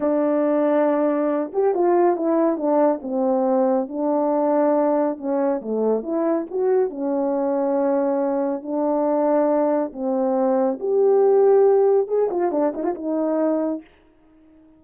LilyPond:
\new Staff \with { instrumentName = "horn" } { \time 4/4 \tempo 4 = 139 d'2.~ d'8 g'8 | f'4 e'4 d'4 c'4~ | c'4 d'2. | cis'4 a4 e'4 fis'4 |
cis'1 | d'2. c'4~ | c'4 g'2. | gis'8 f'8 d'8 dis'16 f'16 dis'2 | }